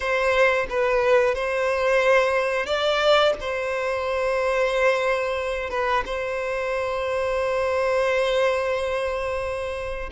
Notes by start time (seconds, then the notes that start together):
0.00 C5
0.69 B4
1.35 C5
2.65 D5
3.40 C5
5.70 B4
6.05 C5